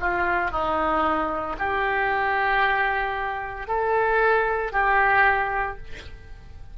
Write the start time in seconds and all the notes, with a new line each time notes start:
0.00 F4
0.51 D#4
1.58 G4
3.67 A4
4.72 G4